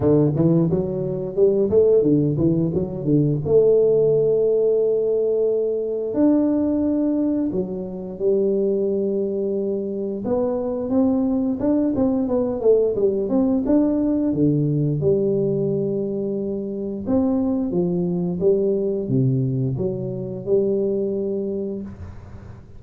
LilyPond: \new Staff \with { instrumentName = "tuba" } { \time 4/4 \tempo 4 = 88 d8 e8 fis4 g8 a8 d8 e8 | fis8 d8 a2.~ | a4 d'2 fis4 | g2. b4 |
c'4 d'8 c'8 b8 a8 g8 c'8 | d'4 d4 g2~ | g4 c'4 f4 g4 | c4 fis4 g2 | }